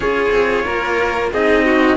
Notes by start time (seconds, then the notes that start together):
0.00 C#4 F4 G#4 C#5
0.30 C4
0.64 A#3 A#4
1.32 C4 D#4 G#4 D#5
1.65 F#4